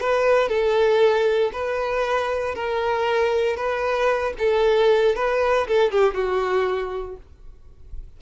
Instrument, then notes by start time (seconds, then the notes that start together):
violin
0.00 B4
0.48 A4
1.52 B4
2.55 A#4
3.56 B4
4.38 A4
5.15 B4
5.67 A4
5.91 G4
6.14 F#4